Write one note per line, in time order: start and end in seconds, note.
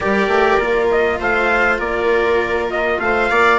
0.00 0.28 G3
0.00 0.60 G4
0.00 1.19 A#4
0.00 0.88 D5
0.28 0.58 A3
0.58 1.19 A#3
0.58 3.58 F4
0.91 1.21 D#5
1.19 1.79 A3
1.19 1.79 C5
1.19 1.79 F5
1.79 2.99 A#3
1.79 2.98 A#4
1.79 2.69 D5
2.70 2.99 D#5
2.99 3.29 A3
2.99 3.30 C5
2.99 3.58 F5
3.30 3.58 A#3
3.30 3.58 D5